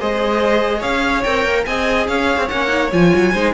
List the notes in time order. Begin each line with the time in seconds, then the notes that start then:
0.00 G#3 G#4 C5 D#5
0.79 C#4 C#5 F5
1.24 C4 A#4 G5
1.45 A#3
1.66 C4 G#4 D#5 G#5
2.08 C#4 C#5 F5
2.38 C4
2.49 A#3 C#4 F#5
2.68 D#4
2.93 F3 F4 G#5
3.15 F#3
3.33 G#3 D#4 C5